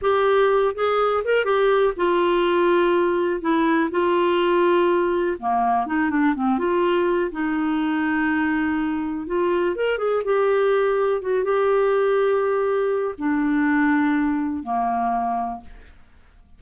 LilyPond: \new Staff \with { instrumentName = "clarinet" } { \time 4/4 \tempo 4 = 123 g'4. gis'4 ais'8 g'4 | f'2. e'4 | f'2. ais4 | dis'8 d'8 c'8 f'4. dis'4~ |
dis'2. f'4 | ais'8 gis'8 g'2 fis'8 g'8~ | g'2. d'4~ | d'2 ais2 | }